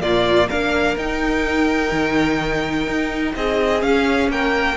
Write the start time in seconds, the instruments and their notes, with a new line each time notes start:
0.00 cello A#2, viola A#3, violin F4 D5
0.48 cello A#3, viola D4, violin A#4 F5
0.96 cello D#4, viola D#4, violin G5
1.92 cello D#3
2.87 cello D#4
3.35 cello C4, violin G#4 D#5
3.80 viola C#4, cello C#4, violin F5
4.28 cello A#3, violin A#4 G5